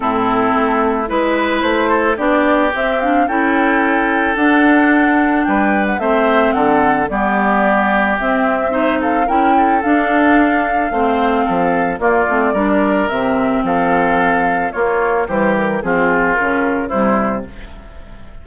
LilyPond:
<<
  \new Staff \with { instrumentName = "flute" } { \time 4/4 \tempo 4 = 110 a'2 b'4 c''4 | d''4 e''8 f''8 g''2 | fis''2 g''8. fis''16 e''4 | fis''4 d''2 e''4~ |
e''8 f''8 g''4 f''2~ | f''2 d''2 | e''4 f''2 cis''4 | c''8 ais'8 gis'4 ais'4 c''4 | }
  \new Staff \with { instrumentName = "oboe" } { \time 4/4 e'2 b'4. a'8 | g'2 a'2~ | a'2 b'4 c''4 | a'4 g'2. |
c''8 a'8 ais'8 a'2~ a'8 | c''4 a'4 f'4 ais'4~ | ais'4 a'2 f'4 | g'4 f'2 e'4 | }
  \new Staff \with { instrumentName = "clarinet" } { \time 4/4 c'2 e'2 | d'4 c'8 d'8 e'2 | d'2. c'4~ | c'4 b2 c'4 |
dis'4 e'4 d'2 | c'2 ais8 c'8 d'4 | c'2. ais4 | g4 c'4 cis'4 g4 | }
  \new Staff \with { instrumentName = "bassoon" } { \time 4/4 a,4 a4 gis4 a4 | b4 c'4 cis'2 | d'2 g4 a4 | d4 g2 c'4~ |
c'4 cis'4 d'2 | a4 f4 ais8 a8 g4 | c4 f2 ais4 | e4 f4 cis4 c4 | }
>>